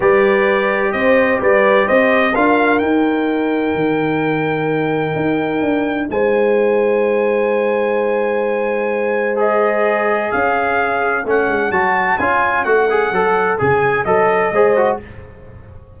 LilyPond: <<
  \new Staff \with { instrumentName = "trumpet" } { \time 4/4 \tempo 4 = 128 d''2 dis''4 d''4 | dis''4 f''4 g''2~ | g''1~ | g''4 gis''2.~ |
gis''1 | dis''2 f''2 | fis''4 a''4 gis''4 fis''4~ | fis''4 gis''4 dis''2 | }
  \new Staff \with { instrumentName = "horn" } { \time 4/4 b'2 c''4 b'4 | c''4 ais'2.~ | ais'1~ | ais'4 c''2.~ |
c''1~ | c''2 cis''2~ | cis''1~ | cis''2. c''4 | }
  \new Staff \with { instrumentName = "trombone" } { \time 4/4 g'1~ | g'4 f'4 dis'2~ | dis'1~ | dis'1~ |
dis'1 | gis'1 | cis'4 fis'4 f'4 fis'8 gis'8 | a'4 gis'4 a'4 gis'8 fis'8 | }
  \new Staff \with { instrumentName = "tuba" } { \time 4/4 g2 c'4 g4 | c'4 d'4 dis'2 | dis2. dis'4 | d'4 gis2.~ |
gis1~ | gis2 cis'2 | a8 gis8 fis4 cis'4 a4 | fis4 cis4 fis4 gis4 | }
>>